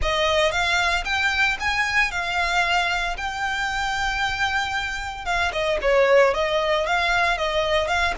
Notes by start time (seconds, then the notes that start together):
0.02 D#5
0.51 F5
1.04 G5
1.60 G#5
2.11 F5
3.17 G5
5.25 F5
5.52 D#5
5.81 C#5
6.33 D#5
6.86 F5
7.37 D#5
7.87 F5